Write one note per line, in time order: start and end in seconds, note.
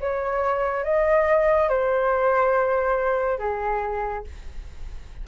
0.00 0.84 C#5
0.84 1.69 D#5
1.69 3.39 C5
3.39 4.24 G#4